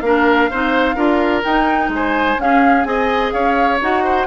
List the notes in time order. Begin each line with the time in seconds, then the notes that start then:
0.00 A#3 D4 A#4 F5
0.50 C4 D#4 C5
0.95 D4 F4 A#4
1.44 D#4 G5
1.88 G#3 G#5
1.95 C5
2.37 C#4 G#4 F5
2.84 C4 G#4 D#5 G#5
3.31 C#4 C#5 F5
3.81 D#4 F#4 F#5
4.04 C5